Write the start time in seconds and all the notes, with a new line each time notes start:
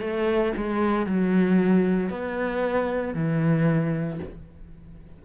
0.00 A3
0.56 G#3
1.06 F#3
2.10 B3
3.14 E3